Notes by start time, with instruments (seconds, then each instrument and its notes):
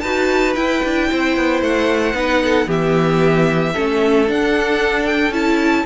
0.00 cello D#4, viola F#4, violin B4 A5
0.55 cello E4, viola E4, violin G5
0.84 cello D4
1.10 cello C4, violin C5
1.36 cello B3
1.61 cello A3, violin F#5
2.13 cello B3, viola D#4, violin B4
2.43 violin A4
2.66 cello E3, viola B3, violin G4 E5
3.73 cello A3, viola C#4, violin A4
4.27 viola D4, cello D4, violin F#5
5.06 violin G5
5.30 cello C#4, viola E4, violin A5